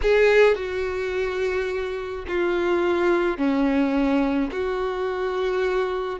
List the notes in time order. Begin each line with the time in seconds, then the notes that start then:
0.02 G#4
0.55 F#4
2.27 F4
3.37 C#4
4.51 F#4